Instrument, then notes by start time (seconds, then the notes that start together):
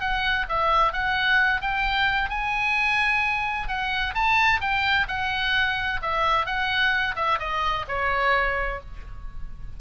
oboe
0.00 F#5
0.49 E5
0.93 F#5
1.62 G5
2.30 G#5
3.68 F#5
4.15 A5
4.61 G5
5.08 F#5
6.02 E5
6.46 F#5
7.16 E5
7.40 D#5
7.88 C#5